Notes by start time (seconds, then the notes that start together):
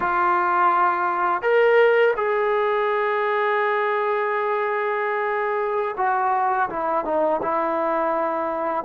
0.00 F4
1.41 A#4
2.16 G#4
5.97 F#4
6.69 E4
7.04 D#4
7.42 E4